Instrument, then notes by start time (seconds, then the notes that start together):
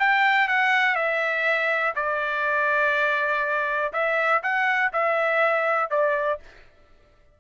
trumpet
0.00 G5
0.49 F#5
0.96 E5
1.96 D5
3.93 E5
4.43 F#5
4.94 E5
5.91 D5